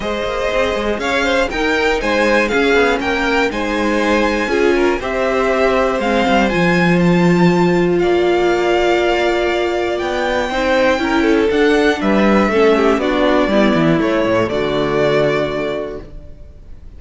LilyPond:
<<
  \new Staff \with { instrumentName = "violin" } { \time 4/4 \tempo 4 = 120 dis''2 f''4 g''4 | gis''4 f''4 g''4 gis''4~ | gis''2 e''2 | f''4 gis''4 a''2 |
f''1 | g''2. fis''4 | e''2 d''2 | cis''4 d''2. | }
  \new Staff \with { instrumentName = "violin" } { \time 4/4 c''2 cis''8 c''8 ais'4 | c''4 gis'4 ais'4 c''4~ | c''4 gis'8 ais'8 c''2~ | c''1 |
d''1~ | d''4 c''4 ais'8 a'4. | b'4 a'8 g'8 fis'4 e'4~ | e'4 fis'2. | }
  \new Staff \with { instrumentName = "viola" } { \time 4/4 gis'2. dis'4~ | dis'4 cis'2 dis'4~ | dis'4 f'4 g'2 | c'4 f'2.~ |
f'1~ | f'4 dis'4 e'4 d'4~ | d'4 cis'4 d'4 b4 | a1 | }
  \new Staff \with { instrumentName = "cello" } { \time 4/4 gis8 ais8 c'8 gis8 cis'4 dis'4 | gis4 cis'8 b8 ais4 gis4~ | gis4 cis'4 c'2 | gis8 g8 f2. |
ais1 | b4 c'4 cis'4 d'4 | g4 a4 b4 g8 e8 | a8 a,8 d2. | }
>>